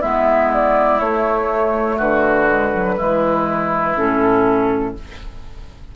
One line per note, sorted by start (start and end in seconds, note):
0.00 1.00 G#3
0.00 1.00 B3
0.00 1.96 E4
0.00 0.51 E5
0.53 0.99 D5
0.99 1.98 A3
0.99 2.48 A3
0.99 1.98 C#5
1.96 2.97 D3
1.96 2.95 F#4
1.96 3.96 B4
2.48 2.72 G#3
2.73 2.96 F#3
2.96 3.97 E3
2.96 3.94 G#3
2.96 4.94 E4
3.96 4.95 A2
3.96 4.94 C#4
3.96 4.95 A4